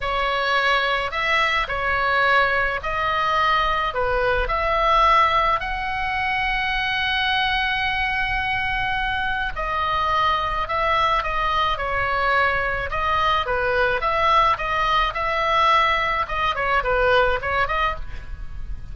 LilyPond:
\new Staff \with { instrumentName = "oboe" } { \time 4/4 \tempo 4 = 107 cis''2 e''4 cis''4~ | cis''4 dis''2 b'4 | e''2 fis''2~ | fis''1~ |
fis''4 dis''2 e''4 | dis''4 cis''2 dis''4 | b'4 e''4 dis''4 e''4~ | e''4 dis''8 cis''8 b'4 cis''8 dis''8 | }